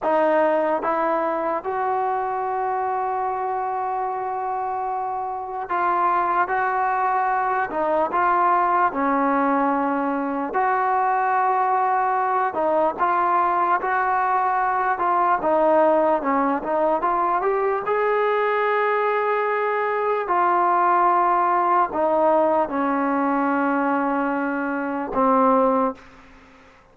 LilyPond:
\new Staff \with { instrumentName = "trombone" } { \time 4/4 \tempo 4 = 74 dis'4 e'4 fis'2~ | fis'2. f'4 | fis'4. dis'8 f'4 cis'4~ | cis'4 fis'2~ fis'8 dis'8 |
f'4 fis'4. f'8 dis'4 | cis'8 dis'8 f'8 g'8 gis'2~ | gis'4 f'2 dis'4 | cis'2. c'4 | }